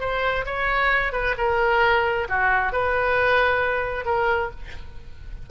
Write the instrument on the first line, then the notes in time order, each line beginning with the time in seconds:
oboe
0.00 C5
0.46 C#5
1.12 B4
1.37 A#4
2.29 F#4
2.72 B4
4.05 A#4